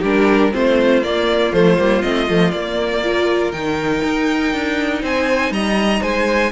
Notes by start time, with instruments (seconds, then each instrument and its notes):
0.00 cello G3, viola D4, violin G4 A#4
0.52 cello A3, viola C4, violin F4 C5
1.03 cello A#3, viola A#3, violin D5
1.53 cello F3, viola A3, violin C5
1.78 cello G3, viola A#3
2.02 cello A3, viola C4, violin D#5
2.28 cello F3, viola A3
2.52 cello A#3, viola A#3, violin D5
3.04 viola F4, violin A#4
3.52 cello D#3, viola D#4, violin G5
4.04 cello D#4
4.53 cello D4
5.02 cello C4, violin C5 G#5
5.51 cello G3, violin D#5 A#5
6.02 cello G#3, violin C5 G#5